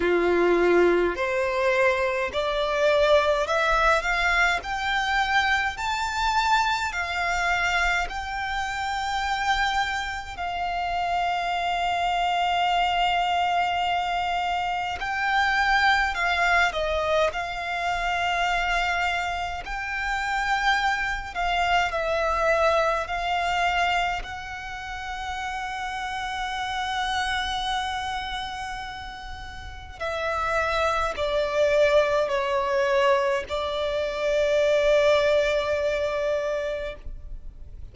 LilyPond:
\new Staff \with { instrumentName = "violin" } { \time 4/4 \tempo 4 = 52 f'4 c''4 d''4 e''8 f''8 | g''4 a''4 f''4 g''4~ | g''4 f''2.~ | f''4 g''4 f''8 dis''8 f''4~ |
f''4 g''4. f''8 e''4 | f''4 fis''2.~ | fis''2 e''4 d''4 | cis''4 d''2. | }